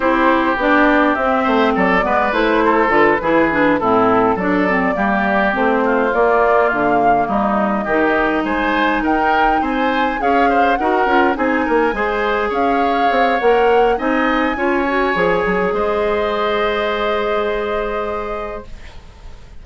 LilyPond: <<
  \new Staff \with { instrumentName = "flute" } { \time 4/4 \tempo 4 = 103 c''4 d''4 e''4 d''4 | c''4 b'4. a'4 d''8~ | d''4. c''4 d''4 f''8~ | f''8 dis''2 gis''4 g''8~ |
g''8 gis''4 f''4 fis''4 gis''8~ | gis''4. f''4. fis''4 | gis''2. dis''4~ | dis''1 | }
  \new Staff \with { instrumentName = "oboe" } { \time 4/4 g'2~ g'8 c''8 a'8 b'8~ | b'8 a'4 gis'4 e'4 a'8~ | a'8 g'4. f'2~ | f'8 dis'4 g'4 c''4 ais'8~ |
ais'8 c''4 cis''8 c''8 ais'4 gis'8 | ais'8 c''4 cis''2~ cis''8 | dis''4 cis''2 c''4~ | c''1 | }
  \new Staff \with { instrumentName = "clarinet" } { \time 4/4 e'4 d'4 c'4. b8 | e'4 f'8 e'8 d'8 c'4 d'8 | c'8 ais4 c'4 ais4.~ | ais4. dis'2~ dis'8~ |
dis'4. gis'4 fis'8 f'8 dis'8~ | dis'8 gis'2~ gis'8 ais'4 | dis'4 f'8 fis'8 gis'2~ | gis'1 | }
  \new Staff \with { instrumentName = "bassoon" } { \time 4/4 c'4 b4 c'8 a8 fis8 gis8 | a4 d8 e4 a,4 fis8~ | fis8 g4 a4 ais4 d8~ | d8 g4 dis4 gis4 dis'8~ |
dis'8 c'4 cis'4 dis'8 cis'8 c'8 | ais8 gis4 cis'4 c'8 ais4 | c'4 cis'4 f8 fis8 gis4~ | gis1 | }
>>